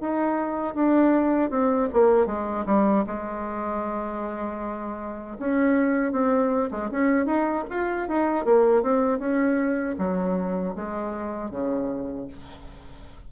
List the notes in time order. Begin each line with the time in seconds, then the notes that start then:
0.00 D#4
0.74 D4
1.50 C4
1.93 A#3
2.26 G#3
2.66 G3
3.06 G#3
5.39 C#4
6.12 C4
6.71 G#3
6.91 C#4
7.26 D#4
7.70 F4
8.08 D#4
8.45 A#3
8.83 C4
9.19 C#4
9.98 F#3
10.75 G#3
11.50 C#3